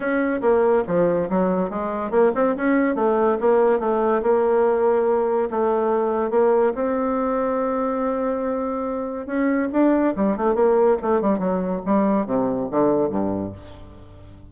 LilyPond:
\new Staff \with { instrumentName = "bassoon" } { \time 4/4 \tempo 4 = 142 cis'4 ais4 f4 fis4 | gis4 ais8 c'8 cis'4 a4 | ais4 a4 ais2~ | ais4 a2 ais4 |
c'1~ | c'2 cis'4 d'4 | g8 a8 ais4 a8 g8 fis4 | g4 c4 d4 g,4 | }